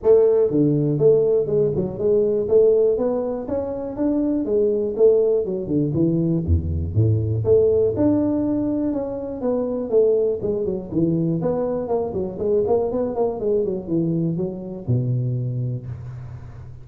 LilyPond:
\new Staff \with { instrumentName = "tuba" } { \time 4/4 \tempo 4 = 121 a4 d4 a4 gis8 fis8 | gis4 a4 b4 cis'4 | d'4 gis4 a4 fis8 d8 | e4 e,4 a,4 a4 |
d'2 cis'4 b4 | a4 gis8 fis8 e4 b4 | ais8 fis8 gis8 ais8 b8 ais8 gis8 fis8 | e4 fis4 b,2 | }